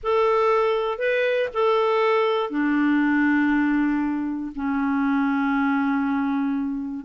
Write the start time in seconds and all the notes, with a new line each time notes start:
0.03 A4
0.98 B4
1.53 A4
2.50 D4
4.55 C#4